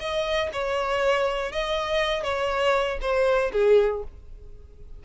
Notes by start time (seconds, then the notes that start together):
0.00 D#5
0.53 C#5
1.53 D#5
2.23 C#5
3.02 C5
3.53 G#4